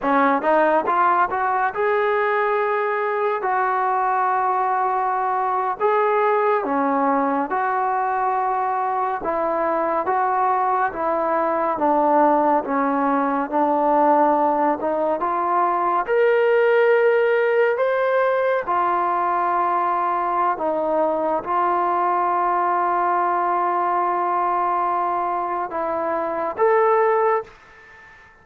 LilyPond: \new Staff \with { instrumentName = "trombone" } { \time 4/4 \tempo 4 = 70 cis'8 dis'8 f'8 fis'8 gis'2 | fis'2~ fis'8. gis'4 cis'16~ | cis'8. fis'2 e'4 fis'16~ | fis'8. e'4 d'4 cis'4 d'16~ |
d'4~ d'16 dis'8 f'4 ais'4~ ais'16~ | ais'8. c''4 f'2~ f'16 | dis'4 f'2.~ | f'2 e'4 a'4 | }